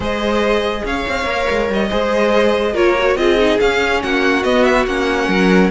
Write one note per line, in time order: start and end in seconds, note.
0.00 0.82 G#3
0.00 1.22 G#4
0.00 0.83 C5
0.00 0.86 D#5
0.84 1.05 C#4
0.84 1.88 C#5
0.84 1.70 F5
1.08 1.25 C4
1.25 1.46 A#3
1.25 1.89 A#4
1.50 1.69 G#3
1.69 1.90 G3
1.69 2.75 D#5
1.88 2.74 G#3
1.88 2.74 G#4
1.88 2.73 C5
2.73 3.15 A#3
2.73 2.95 F4
2.73 3.15 A#4
2.73 3.16 C#5
2.98 3.17 F#4
3.15 3.57 C4
3.15 3.38 F4
3.15 4.03 G#4
3.15 3.59 D#5
3.38 3.59 D#4
3.59 4.43 C#4
3.59 4.02 C#4
3.59 4.02 F5
4.02 4.44 A#3
4.02 5.28 F#4
4.02 4.43 F#5
4.43 4.85 B3
4.43 4.86 B3
4.43 4.64 D#5
4.64 4.85 E5
4.86 5.27 A#3
4.86 5.70 C#4
4.86 5.70 F#5
5.27 5.70 F#3
5.27 5.70 A#4